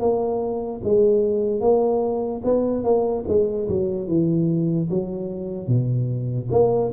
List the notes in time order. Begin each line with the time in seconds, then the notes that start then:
0.00 A#3
0.84 G#3
1.61 A#3
2.44 B3
2.84 A#3
3.28 G#3
3.69 F#3
4.08 E3
4.90 F#3
5.68 B2
6.51 A#3